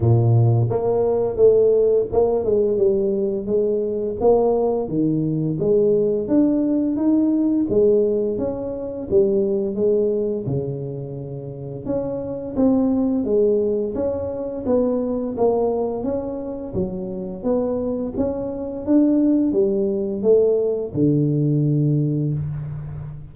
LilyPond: \new Staff \with { instrumentName = "tuba" } { \time 4/4 \tempo 4 = 86 ais,4 ais4 a4 ais8 gis8 | g4 gis4 ais4 dis4 | gis4 d'4 dis'4 gis4 | cis'4 g4 gis4 cis4~ |
cis4 cis'4 c'4 gis4 | cis'4 b4 ais4 cis'4 | fis4 b4 cis'4 d'4 | g4 a4 d2 | }